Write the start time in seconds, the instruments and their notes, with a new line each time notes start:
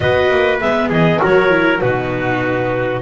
0.00 double bass B3, viola F#4, trumpet B4, clarinet D#5
0.30 double bass A#3
0.60 double bass G#3, viola B3, clarinet E5
0.89 double bass E3, trumpet G#4, clarinet D#5
1.19 double bass F#3, viola F#4, trumpet A#4, clarinet C#5
1.49 viola E4
1.80 double bass B2, viola D#4, trumpet F#4, clarinet B4